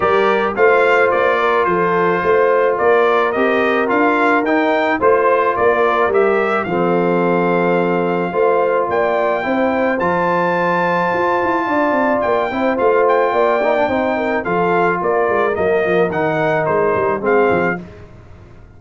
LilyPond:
<<
  \new Staff \with { instrumentName = "trumpet" } { \time 4/4 \tempo 4 = 108 d''4 f''4 d''4 c''4~ | c''4 d''4 dis''4 f''4 | g''4 c''4 d''4 e''4 | f''1 |
g''2 a''2~ | a''2 g''4 f''8 g''8~ | g''2 f''4 d''4 | dis''4 fis''4 c''4 f''4 | }
  \new Staff \with { instrumentName = "horn" } { \time 4/4 ais'4 c''4. ais'8 a'4 | c''4 ais'2.~ | ais'4 c''4 ais'2 | a'2. c''4 |
d''4 c''2.~ | c''4 d''4. c''4. | d''4 c''8 ais'8 a'4 ais'4~ | ais'2. gis'4 | }
  \new Staff \with { instrumentName = "trombone" } { \time 4/4 g'4 f'2.~ | f'2 g'4 f'4 | dis'4 f'2 g'4 | c'2. f'4~ |
f'4 e'4 f'2~ | f'2~ f'8 e'8 f'4~ | f'8 dis'16 d'16 dis'4 f'2 | ais4 dis'2 c'4 | }
  \new Staff \with { instrumentName = "tuba" } { \time 4/4 g4 a4 ais4 f4 | a4 ais4 c'4 d'4 | dis'4 a4 ais4 g4 | f2. a4 |
ais4 c'4 f2 | f'8 e'8 d'8 c'8 ais8 c'8 a4 | ais4 c'4 f4 ais8 gis8 | fis8 f8 dis4 gis8 g8 gis8 f8 | }
>>